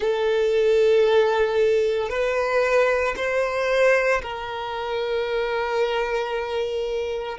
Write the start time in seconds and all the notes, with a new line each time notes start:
0.00 A4
2.09 B4
3.16 C5
4.22 A#4